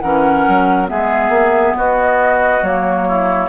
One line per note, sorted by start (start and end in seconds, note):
0.00 0.46 E3
0.00 0.87 C#4
0.00 0.90 A#4
0.00 0.87 F#5
0.48 0.91 F#3
0.87 1.29 G#3
0.87 2.61 B3
0.87 1.77 G#4
0.87 1.76 E5
1.29 1.73 A#3
1.77 2.62 B3
1.77 3.08 F#4
1.77 2.64 D#5
2.62 3.49 F#3
2.62 3.49 A#3
2.62 3.49 C#5
3.08 3.49 E4